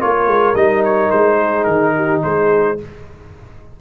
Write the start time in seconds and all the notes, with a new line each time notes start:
0.00 A#3 F4 A#4 C#5
0.26 G#3
0.54 G3 D#4 D#5
0.84 C#5
1.11 G#3 C5
1.38 G#4
1.64 D#3 A#4
1.96 G4
2.23 G#3 G#4 C5